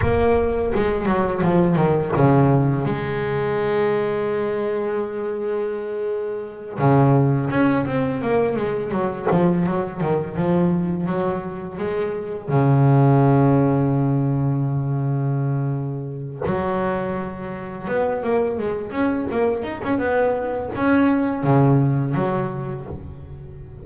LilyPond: \new Staff \with { instrumentName = "double bass" } { \time 4/4 \tempo 4 = 84 ais4 gis8 fis8 f8 dis8 cis4 | gis1~ | gis4. cis4 cis'8 c'8 ais8 | gis8 fis8 f8 fis8 dis8 f4 fis8~ |
fis8 gis4 cis2~ cis8~ | cis2. fis4~ | fis4 b8 ais8 gis8 cis'8 ais8 dis'16 cis'16 | b4 cis'4 cis4 fis4 | }